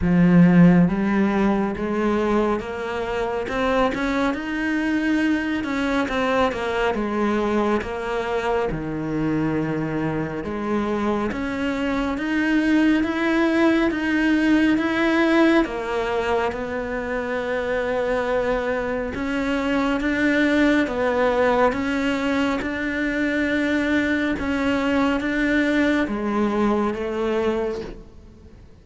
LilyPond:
\new Staff \with { instrumentName = "cello" } { \time 4/4 \tempo 4 = 69 f4 g4 gis4 ais4 | c'8 cis'8 dis'4. cis'8 c'8 ais8 | gis4 ais4 dis2 | gis4 cis'4 dis'4 e'4 |
dis'4 e'4 ais4 b4~ | b2 cis'4 d'4 | b4 cis'4 d'2 | cis'4 d'4 gis4 a4 | }